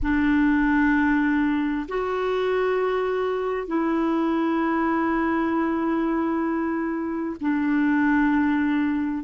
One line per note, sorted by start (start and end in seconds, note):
0.02 1.87 D4
1.88 3.67 F#4
3.67 7.36 E4
7.41 9.24 D4